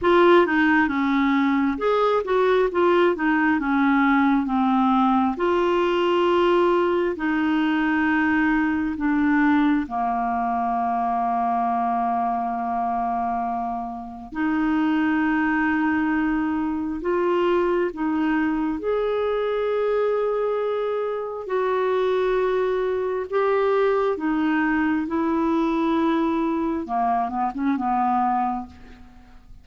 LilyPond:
\new Staff \with { instrumentName = "clarinet" } { \time 4/4 \tempo 4 = 67 f'8 dis'8 cis'4 gis'8 fis'8 f'8 dis'8 | cis'4 c'4 f'2 | dis'2 d'4 ais4~ | ais1 |
dis'2. f'4 | dis'4 gis'2. | fis'2 g'4 dis'4 | e'2 ais8 b16 cis'16 b4 | }